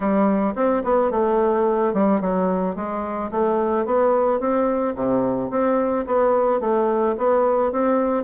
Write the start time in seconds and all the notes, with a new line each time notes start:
0.00 G3
0.55 C4
0.84 B3
1.11 A3
1.93 G3
2.20 F#3
2.75 G#3
3.31 A3
3.85 B3
4.39 C4
4.95 C3
5.50 C4
6.06 B3
6.60 A3
7.17 B3
7.72 C4